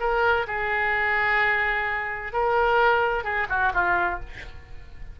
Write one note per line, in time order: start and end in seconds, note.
0.00 0.47 A#4
0.47 2.33 G#4
2.33 3.24 A#4
3.24 3.47 G#4
3.49 3.73 F#4
3.74 4.20 F4